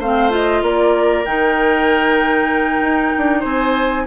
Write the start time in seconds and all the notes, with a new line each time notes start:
0.00 A3 C4 C5 F5
0.31 F4 D#5
0.62 A#3 A#4 D5
1.26 D#3 D#4 G5
2.81 D#4
3.18 D4
3.40 C4 C5 G#5